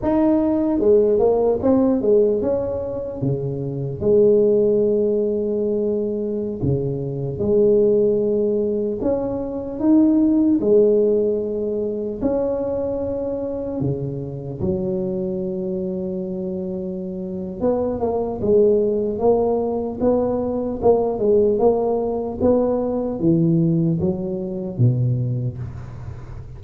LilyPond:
\new Staff \with { instrumentName = "tuba" } { \time 4/4 \tempo 4 = 75 dis'4 gis8 ais8 c'8 gis8 cis'4 | cis4 gis2.~ | gis16 cis4 gis2 cis'8.~ | cis'16 dis'4 gis2 cis'8.~ |
cis'4~ cis'16 cis4 fis4.~ fis16~ | fis2 b8 ais8 gis4 | ais4 b4 ais8 gis8 ais4 | b4 e4 fis4 b,4 | }